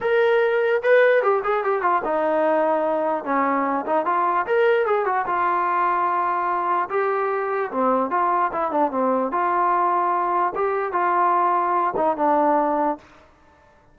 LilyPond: \new Staff \with { instrumentName = "trombone" } { \time 4/4 \tempo 4 = 148 ais'2 b'4 g'8 gis'8 | g'8 f'8 dis'2. | cis'4. dis'8 f'4 ais'4 | gis'8 fis'8 f'2.~ |
f'4 g'2 c'4 | f'4 e'8 d'8 c'4 f'4~ | f'2 g'4 f'4~ | f'4. dis'8 d'2 | }